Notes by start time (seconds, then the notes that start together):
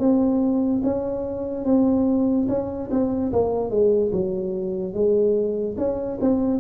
0.00 C4
0.84 C#4
1.65 C4
2.49 C#4
2.91 C4
3.33 A#3
3.71 G#3
4.12 F#3
4.94 G#3
5.78 C#4
6.21 C4